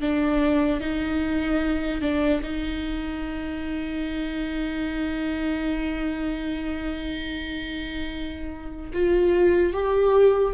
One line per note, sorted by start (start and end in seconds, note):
0.00 0.80 D4
0.80 2.01 D#4
2.01 2.41 D4
2.43 8.91 D#4
8.93 9.73 F4
9.73 10.53 G4